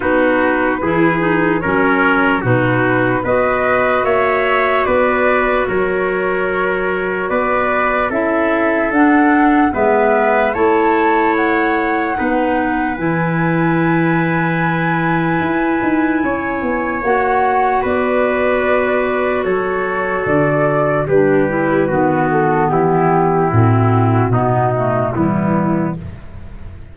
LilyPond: <<
  \new Staff \with { instrumentName = "flute" } { \time 4/4 \tempo 4 = 74 b'2 cis''4 b'4 | dis''4 e''4 d''4 cis''4~ | cis''4 d''4 e''4 fis''4 | e''4 a''4 fis''2 |
gis''1~ | gis''4 fis''4 d''2 | cis''4 d''4 b'4. a'8 | g'4 fis'2 e'4 | }
  \new Staff \with { instrumentName = "trumpet" } { \time 4/4 fis'4 gis'4 ais'4 fis'4 | b'4 cis''4 b'4 ais'4~ | ais'4 b'4 a'2 | b'4 cis''2 b'4~ |
b'1 | cis''2 b'2 | a'2 g'4 fis'4 | e'2 dis'4 b4 | }
  \new Staff \with { instrumentName = "clarinet" } { \time 4/4 dis'4 e'8 dis'8 cis'4 dis'4 | fis'1~ | fis'2 e'4 d'4 | b4 e'2 dis'4 |
e'1~ | e'4 fis'2.~ | fis'2 d'8 e'8 b4~ | b4 c'4 b8 a8 g4 | }
  \new Staff \with { instrumentName = "tuba" } { \time 4/4 b4 e4 fis4 b,4 | b4 ais4 b4 fis4~ | fis4 b4 cis'4 d'4 | gis4 a2 b4 |
e2. e'8 dis'8 | cis'8 b8 ais4 b2 | fis4 d4 g4 dis4 | e4 a,4 b,4 e4 | }
>>